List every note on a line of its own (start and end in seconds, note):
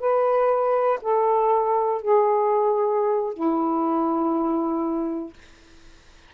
0.00 1.00 B4
1.02 2.02 A4
2.02 3.34 G#4
3.34 5.34 E4